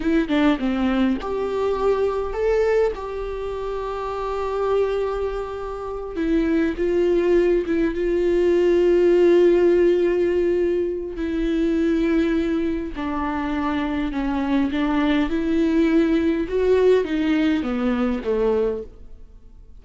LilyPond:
\new Staff \with { instrumentName = "viola" } { \time 4/4 \tempo 4 = 102 e'8 d'8 c'4 g'2 | a'4 g'2.~ | g'2~ g'8 e'4 f'8~ | f'4 e'8 f'2~ f'8~ |
f'2. e'4~ | e'2 d'2 | cis'4 d'4 e'2 | fis'4 dis'4 b4 a4 | }